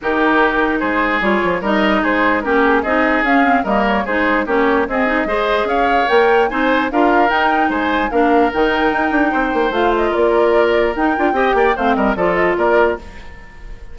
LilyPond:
<<
  \new Staff \with { instrumentName = "flute" } { \time 4/4 \tempo 4 = 148 ais'2 c''4 cis''4 | dis''4 c''4 ais'8 gis'8 dis''4 | f''4 dis''8 cis''8 c''4 cis''4 | dis''2 f''4 g''4 |
gis''4 f''4 g''4 gis''4 | f''4 g''2. | f''8 dis''8 d''2 g''4~ | g''4 f''8 dis''8 d''8 dis''8 d''4 | }
  \new Staff \with { instrumentName = "oboe" } { \time 4/4 g'2 gis'2 | ais'4 gis'4 g'4 gis'4~ | gis'4 ais'4 gis'4 g'4 | gis'4 c''4 cis''2 |
c''4 ais'2 c''4 | ais'2. c''4~ | c''4 ais'2. | dis''8 d''8 c''8 ais'8 a'4 ais'4 | }
  \new Staff \with { instrumentName = "clarinet" } { \time 4/4 dis'2. f'4 | dis'2 cis'4 dis'4 | cis'8 c'8 ais4 dis'4 cis'4 | c'8 dis'8 gis'2 ais'4 |
dis'4 f'4 dis'2 | d'4 dis'2. | f'2. dis'8 f'8 | g'4 c'4 f'2 | }
  \new Staff \with { instrumentName = "bassoon" } { \time 4/4 dis2 gis4 g8 f8 | g4 gis4 ais4 c'4 | cis'4 g4 gis4 ais4 | c'4 gis4 cis'4 ais4 |
c'4 d'4 dis'4 gis4 | ais4 dis4 dis'8 d'8 c'8 ais8 | a4 ais2 dis'8 d'8 | c'8 ais8 a8 g8 f4 ais4 | }
>>